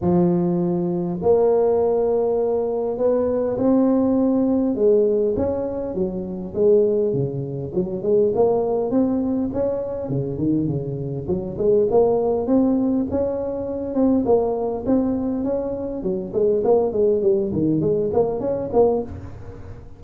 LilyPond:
\new Staff \with { instrumentName = "tuba" } { \time 4/4 \tempo 4 = 101 f2 ais2~ | ais4 b4 c'2 | gis4 cis'4 fis4 gis4 | cis4 fis8 gis8 ais4 c'4 |
cis'4 cis8 dis8 cis4 fis8 gis8 | ais4 c'4 cis'4. c'8 | ais4 c'4 cis'4 fis8 gis8 | ais8 gis8 g8 dis8 gis8 ais8 cis'8 ais8 | }